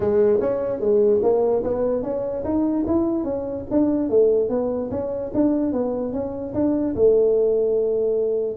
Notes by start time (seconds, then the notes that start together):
0.00 G#3
0.40 C#4
0.79 G#3
1.22 A#3
1.63 B3
2.03 C#4
2.44 D#4
2.86 E4
3.24 C#4
3.71 D4
4.09 A3
4.49 B3
4.90 C#4
5.34 D4
5.72 B3
6.12 C#4
6.54 D4
6.95 A3